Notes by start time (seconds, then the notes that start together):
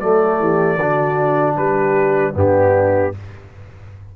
0.00 F#3 A3 A4 D5
0.40 E3 G4
0.77 D3 D4 F#4
1.55 G3 G4 B4
2.34 G2 B3 D4 G4